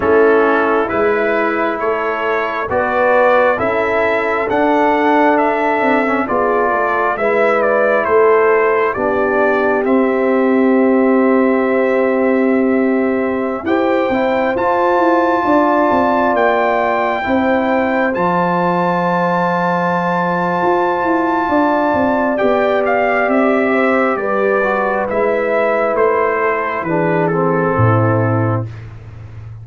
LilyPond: <<
  \new Staff \with { instrumentName = "trumpet" } { \time 4/4 \tempo 4 = 67 a'4 b'4 cis''4 d''4 | e''4 fis''4 e''4 d''4 | e''8 d''8 c''4 d''4 e''4~ | e''2.~ e''16 g''8.~ |
g''16 a''2 g''4.~ g''16~ | g''16 a''2.~ a''8.~ | a''4 g''8 f''8 e''4 d''4 | e''4 c''4 b'8 a'4. | }
  \new Staff \with { instrumentName = "horn" } { \time 4/4 e'2 a'4 b'4 | a'2. gis'8 a'8 | b'4 a'4 g'2~ | g'2.~ g'16 c''8.~ |
c''4~ c''16 d''2 c''8.~ | c''1 | d''2~ d''8 c''8 b'4~ | b'4. a'8 gis'4 e'4 | }
  \new Staff \with { instrumentName = "trombone" } { \time 4/4 cis'4 e'2 fis'4 | e'4 d'4.~ d'16 cis'16 f'4 | e'2 d'4 c'4~ | c'2.~ c'16 g'8 e'16~ |
e'16 f'2. e'8.~ | e'16 f'2.~ f'8.~ | f'4 g'2~ g'8 fis'8 | e'2 d'8 c'4. | }
  \new Staff \with { instrumentName = "tuba" } { \time 4/4 a4 gis4 a4 b4 | cis'4 d'4. c'8 b8 a8 | gis4 a4 b4 c'4~ | c'2.~ c'16 e'8 c'16~ |
c'16 f'8 e'8 d'8 c'8 ais4 c'8.~ | c'16 f2~ f8. f'8 e'8 | d'8 c'8 b4 c'4 g4 | gis4 a4 e4 a,4 | }
>>